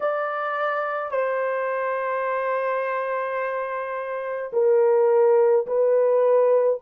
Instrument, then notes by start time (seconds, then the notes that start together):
horn
0.00 D5
1.11 C5
4.53 A#4
5.66 B4